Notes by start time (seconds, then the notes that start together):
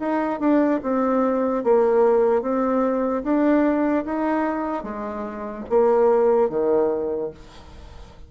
0.00 D#4
0.40 D4
0.83 C4
1.64 A#3
2.43 C4
3.24 D4
4.05 D#4
4.84 G#3
5.70 A#3
6.50 D#3